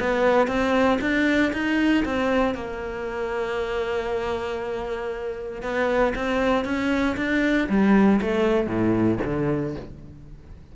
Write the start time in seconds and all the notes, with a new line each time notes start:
0.00 B3
0.48 C4
1.01 D4
1.53 D#4
2.05 C4
2.55 A#3
5.62 B3
6.16 C4
6.65 C#4
7.17 D4
7.69 G3
8.22 A3
8.67 A2
9.24 D3